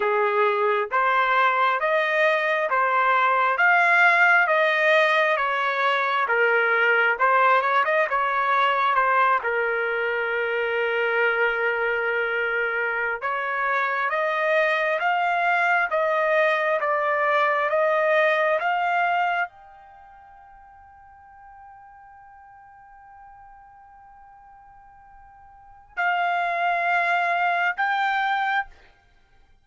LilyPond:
\new Staff \with { instrumentName = "trumpet" } { \time 4/4 \tempo 4 = 67 gis'4 c''4 dis''4 c''4 | f''4 dis''4 cis''4 ais'4 | c''8 cis''16 dis''16 cis''4 c''8 ais'4.~ | ais'2~ ais'8. cis''4 dis''16~ |
dis''8. f''4 dis''4 d''4 dis''16~ | dis''8. f''4 g''2~ g''16~ | g''1~ | g''4 f''2 g''4 | }